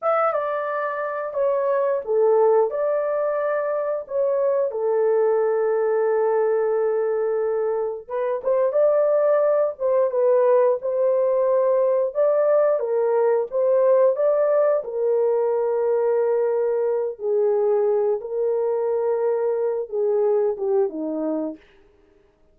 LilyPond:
\new Staff \with { instrumentName = "horn" } { \time 4/4 \tempo 4 = 89 e''8 d''4. cis''4 a'4 | d''2 cis''4 a'4~ | a'1 | b'8 c''8 d''4. c''8 b'4 |
c''2 d''4 ais'4 | c''4 d''4 ais'2~ | ais'4. gis'4. ais'4~ | ais'4. gis'4 g'8 dis'4 | }